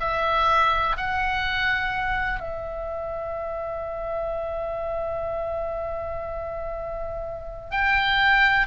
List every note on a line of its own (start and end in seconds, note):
0.00 0.97 E5
0.97 2.40 F#5
2.40 7.71 E5
7.71 8.67 G5